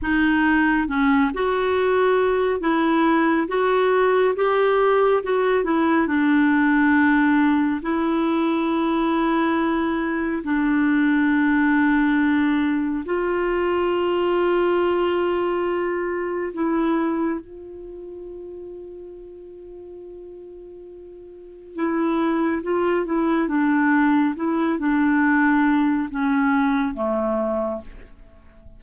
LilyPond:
\new Staff \with { instrumentName = "clarinet" } { \time 4/4 \tempo 4 = 69 dis'4 cis'8 fis'4. e'4 | fis'4 g'4 fis'8 e'8 d'4~ | d'4 e'2. | d'2. f'4~ |
f'2. e'4 | f'1~ | f'4 e'4 f'8 e'8 d'4 | e'8 d'4. cis'4 a4 | }